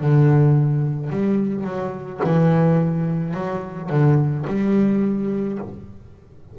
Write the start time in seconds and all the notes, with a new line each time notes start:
0.00 D3
1.10 G3
1.64 F#3
2.23 E3
3.33 F#3
3.89 D3
4.47 G3